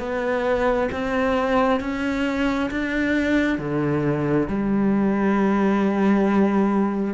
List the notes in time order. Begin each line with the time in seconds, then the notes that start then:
0.00 B3
0.92 C4
1.81 C#4
2.71 D4
3.59 D3
4.48 G3